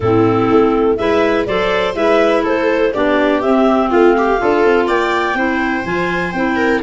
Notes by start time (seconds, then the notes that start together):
0.00 A2 C4 E4 A4
0.50 A3
0.96 G#3 E4 B4 E5
1.46 F#3 A4 C5 D5
1.94 G#3 E4 B4 E5
2.42 A3 A4 C5
2.93 B3 D4 G4 D5
3.41 C4 E5
3.90 A3 F4 F5
4.17 G4
4.37 D4 F4 A4
4.64 C4
4.87 A#3 D5 G5
5.34 C4 E4 C5
5.84 F3 F4 G#5
6.32 C4 E4 G5
6.56 A#4